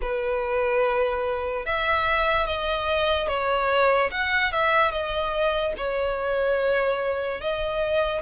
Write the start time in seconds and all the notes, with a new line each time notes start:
0.01 B4
1.65 E5
2.46 D#5
3.28 C#5
4.11 F#5
4.52 E5
4.91 D#5
5.77 C#5
7.40 D#5